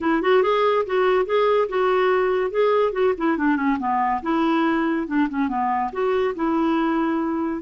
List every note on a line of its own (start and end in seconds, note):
0.01 0.22 E4
0.22 0.42 F#4
0.42 0.85 G#4
0.86 1.25 F#4
1.25 1.68 G#4
1.68 2.50 F#4
2.50 2.92 G#4
2.92 3.13 F#4
3.17 3.37 E4
3.37 3.56 D4
3.56 3.77 C#4
3.79 4.21 B3
4.22 5.07 E4
5.07 5.28 D4
5.29 5.48 C#4
5.48 5.90 B3
5.92 6.34 F#4
6.35 7.62 E4